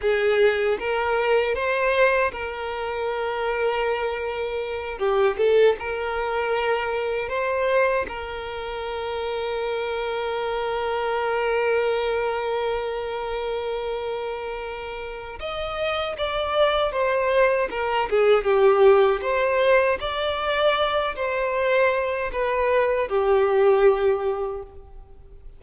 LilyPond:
\new Staff \with { instrumentName = "violin" } { \time 4/4 \tempo 4 = 78 gis'4 ais'4 c''4 ais'4~ | ais'2~ ais'8 g'8 a'8 ais'8~ | ais'4. c''4 ais'4.~ | ais'1~ |
ais'1 | dis''4 d''4 c''4 ais'8 gis'8 | g'4 c''4 d''4. c''8~ | c''4 b'4 g'2 | }